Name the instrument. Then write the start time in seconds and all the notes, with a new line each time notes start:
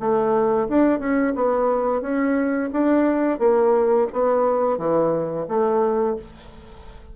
bassoon
0.00 A3
0.69 D4
1.00 C#4
1.36 B3
2.02 C#4
2.73 D4
3.39 A#3
4.13 B3
4.78 E3
5.49 A3